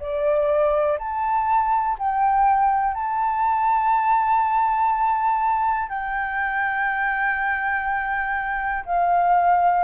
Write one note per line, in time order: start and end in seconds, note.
0.00 0.98 D5
0.99 1.97 A5
1.99 2.95 G5
2.95 5.89 A5
5.89 8.84 G5
8.86 9.84 F5